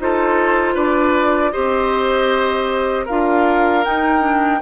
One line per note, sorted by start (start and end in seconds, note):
0.00 0.76 D#4
0.00 1.53 F4
0.00 0.75 A4
0.00 0.77 C5
0.75 1.53 D4
0.75 1.51 B4
0.75 1.52 D5
1.52 3.09 C4
1.52 3.06 G4
1.52 3.05 C5
1.52 3.06 D#5
3.05 3.86 D4
3.05 3.85 F4
3.05 4.59 A#4
3.05 3.84 F5
3.84 4.21 D#4
3.84 4.62 D#4
3.84 4.61 G5
4.21 4.59 D4